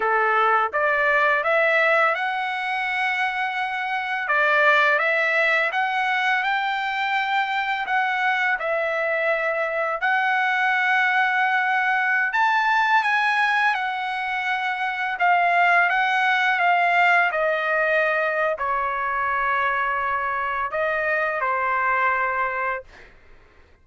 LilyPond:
\new Staff \with { instrumentName = "trumpet" } { \time 4/4 \tempo 4 = 84 a'4 d''4 e''4 fis''4~ | fis''2 d''4 e''4 | fis''4 g''2 fis''4 | e''2 fis''2~ |
fis''4~ fis''16 a''4 gis''4 fis''8.~ | fis''4~ fis''16 f''4 fis''4 f''8.~ | f''16 dis''4.~ dis''16 cis''2~ | cis''4 dis''4 c''2 | }